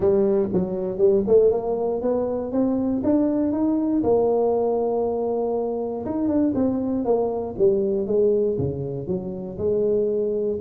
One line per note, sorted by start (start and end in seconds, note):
0.00 0.49 G3
0.53 0.98 F#3
0.98 1.23 G3
1.27 1.51 A3
1.51 2.01 A#3
2.01 2.52 B3
2.52 3.02 C4
3.03 3.52 D4
3.52 4.02 D#4
4.03 6.05 A#3
6.05 6.28 D#4
6.28 6.53 D4
6.54 7.04 C4
7.04 7.55 A#3
7.58 8.06 G3
8.06 8.57 G#3
8.57 9.07 C#3
9.07 9.57 F#3
9.58 10.59 G#3